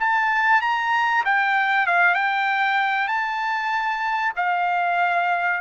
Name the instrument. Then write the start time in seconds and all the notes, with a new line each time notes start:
trumpet
0.00 A5
0.62 A#5
1.25 G5
1.87 F5
2.15 G5
3.08 A5
4.36 F5